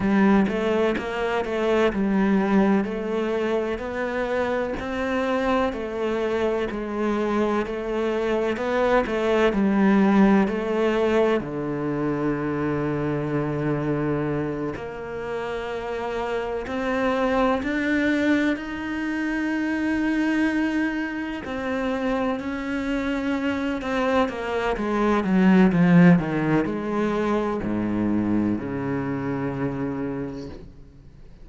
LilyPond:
\new Staff \with { instrumentName = "cello" } { \time 4/4 \tempo 4 = 63 g8 a8 ais8 a8 g4 a4 | b4 c'4 a4 gis4 | a4 b8 a8 g4 a4 | d2.~ d8 ais8~ |
ais4. c'4 d'4 dis'8~ | dis'2~ dis'8 c'4 cis'8~ | cis'4 c'8 ais8 gis8 fis8 f8 dis8 | gis4 gis,4 cis2 | }